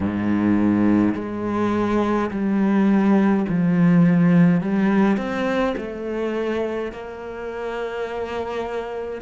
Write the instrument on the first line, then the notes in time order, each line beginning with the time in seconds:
cello
0.00 G#2
1.14 G#3
2.30 G3
3.48 F3
4.60 G3
5.17 C4
5.77 A3
6.92 A#3